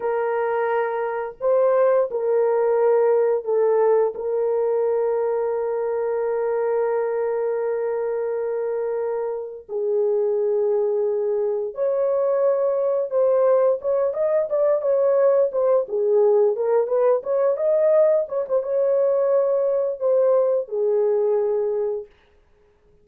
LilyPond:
\new Staff \with { instrumentName = "horn" } { \time 4/4 \tempo 4 = 87 ais'2 c''4 ais'4~ | ais'4 a'4 ais'2~ | ais'1~ | ais'2 gis'2~ |
gis'4 cis''2 c''4 | cis''8 dis''8 d''8 cis''4 c''8 gis'4 | ais'8 b'8 cis''8 dis''4 cis''16 c''16 cis''4~ | cis''4 c''4 gis'2 | }